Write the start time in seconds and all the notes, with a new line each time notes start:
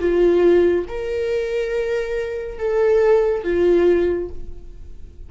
0.00 F4
0.89 A#4
2.59 A4
3.44 F4